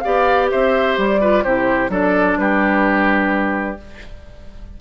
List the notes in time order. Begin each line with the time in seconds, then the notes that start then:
0.00 B3 G4 D5 F5
0.51 C4 C5 E5
0.97 G3 D5
1.21 F4 B4
1.43 C3 E4 G4 C5
1.89 F#3 D4 A4 D5
2.37 G3 G4 B4